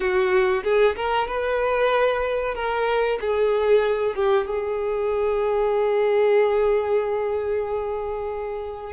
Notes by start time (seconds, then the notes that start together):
0.00 F#4
0.63 G#4
0.95 A#4
1.27 B4
2.54 A#4
3.21 G#4
4.15 G4
4.47 G#4